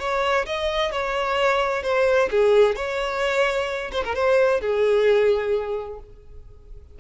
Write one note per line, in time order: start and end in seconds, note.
0.00 0.46 C#5
0.46 0.92 D#5
0.92 1.83 C#5
1.83 2.30 C5
2.31 2.76 G#4
2.76 3.91 C#5
3.93 4.04 C5
4.05 4.15 A#4
4.15 4.61 C5
4.61 6.00 G#4